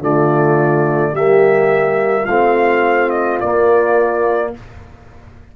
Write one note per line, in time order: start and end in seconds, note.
0.00 1.13 D3
0.00 1.15 A3
0.00 1.13 F4
0.00 1.16 D5
1.13 2.27 G3
1.13 2.28 A#3
1.13 2.24 G4
1.13 2.26 E5
2.24 3.41 A3
2.24 3.43 C4
2.24 4.50 F4
2.24 3.10 F5
3.10 3.38 D#5
3.41 4.55 A#3
3.41 4.56 A#3
3.41 4.54 D5